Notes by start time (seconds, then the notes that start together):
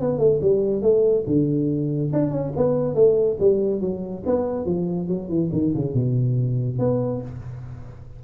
0.00 B3
0.18 A3
0.41 G3
0.82 A3
1.26 D3
2.12 D4
2.30 C#4
2.56 B3
2.94 A3
3.39 G3
3.80 F#3
4.26 B3
4.65 F3
5.08 F#3
5.28 E3
5.52 D#3
5.75 C#3
5.94 B2
6.79 B3